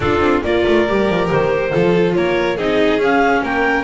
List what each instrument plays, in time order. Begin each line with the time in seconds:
0.00 double bass D4, viola D4, violin F4, clarinet A4
0.20 double bass C4
0.43 double bass A#3, viola F4, violin A#4, clarinet D5
0.67 double bass A3
0.87 double bass G3, viola G4
1.09 double bass F3
1.30 double bass D#3, clarinet C5
1.71 double bass F3, viola F4, violin A4
2.15 double bass A#3, violin A#4, clarinet C#5
2.56 double bass C4, viola D#4, violin G#4, clarinet D#5
2.97 double bass C#4, viola C#4, clarinet F5
3.42 double bass A#3, violin A#4, clarinet G5